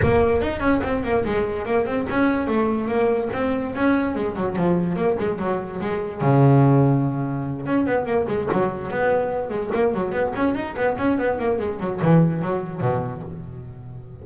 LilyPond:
\new Staff \with { instrumentName = "double bass" } { \time 4/4 \tempo 4 = 145 ais4 dis'8 cis'8 c'8 ais8 gis4 | ais8 c'8 cis'4 a4 ais4 | c'4 cis'4 gis8 fis8 f4 | ais8 gis8 fis4 gis4 cis4~ |
cis2~ cis8 cis'8 b8 ais8 | gis8 fis4 b4. gis8 ais8 | fis8 b8 cis'8 dis'8 b8 cis'8 b8 ais8 | gis8 fis8 e4 fis4 b,4 | }